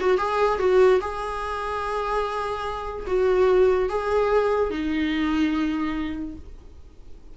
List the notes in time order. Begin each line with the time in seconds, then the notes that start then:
0.00 F#4
0.18 G#4
0.59 F#4
1.01 G#4
3.07 F#4
3.89 G#4
4.70 D#4